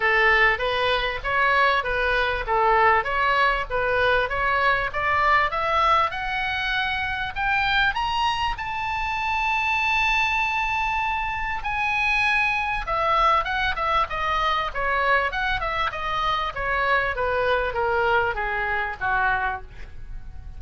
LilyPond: \new Staff \with { instrumentName = "oboe" } { \time 4/4 \tempo 4 = 98 a'4 b'4 cis''4 b'4 | a'4 cis''4 b'4 cis''4 | d''4 e''4 fis''2 | g''4 ais''4 a''2~ |
a''2. gis''4~ | gis''4 e''4 fis''8 e''8 dis''4 | cis''4 fis''8 e''8 dis''4 cis''4 | b'4 ais'4 gis'4 fis'4 | }